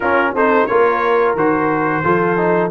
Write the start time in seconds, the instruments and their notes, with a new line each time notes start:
0.00 tuba C#4, trombone C#4, horn F4, trumpet A#4
0.33 tuba C4, trombone D#4, horn A4, trumpet C5
0.66 tuba A#3, trombone F4, horn A#4, trumpet C#5
1.34 tuba D#3, trombone F#4, trumpet C5
2.04 tuba F3, trombone F4, horn A4
2.37 trombone D#4